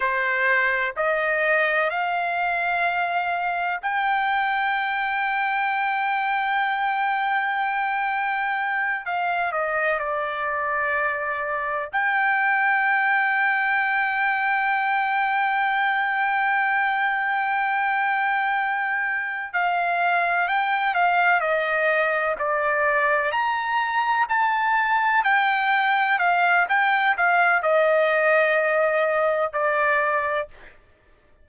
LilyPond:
\new Staff \with { instrumentName = "trumpet" } { \time 4/4 \tempo 4 = 63 c''4 dis''4 f''2 | g''1~ | g''4. f''8 dis''8 d''4.~ | d''8 g''2.~ g''8~ |
g''1~ | g''8 f''4 g''8 f''8 dis''4 d''8~ | d''8 ais''4 a''4 g''4 f''8 | g''8 f''8 dis''2 d''4 | }